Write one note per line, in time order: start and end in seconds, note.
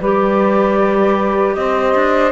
0.00 1.56 G3
0.00 2.31 G4
0.00 1.56 B4
0.00 1.54 D5
1.54 1.94 C4
1.54 2.31 C5
1.54 2.31 D#5
1.94 2.31 D4